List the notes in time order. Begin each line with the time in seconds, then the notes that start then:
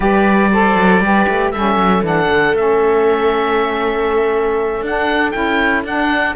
0.00 G3 G4 B4 D5
0.52 A4 C5
0.75 F#3
1.00 G3 G4 B4
1.28 A3
1.51 G3 C#4 A4 E5
1.76 F#3
2.02 E3 D4 F#5
2.29 D3
2.53 A3 C#4 E5
4.81 D4 F#5
5.31 C#4 E4 G5
5.84 D4 F#5